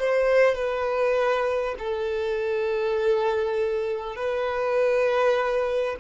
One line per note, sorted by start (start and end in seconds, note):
0.00 0.56 C5
0.56 1.76 B4
1.79 4.16 A4
4.16 5.96 B4